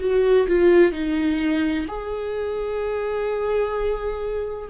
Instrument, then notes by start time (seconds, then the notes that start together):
viola
0.00 F#4
0.47 F4
0.92 D#4
1.87 G#4